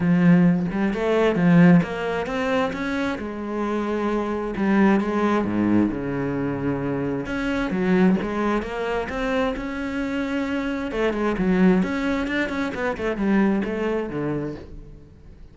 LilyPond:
\new Staff \with { instrumentName = "cello" } { \time 4/4 \tempo 4 = 132 f4. g8 a4 f4 | ais4 c'4 cis'4 gis4~ | gis2 g4 gis4 | gis,4 cis2. |
cis'4 fis4 gis4 ais4 | c'4 cis'2. | a8 gis8 fis4 cis'4 d'8 cis'8 | b8 a8 g4 a4 d4 | }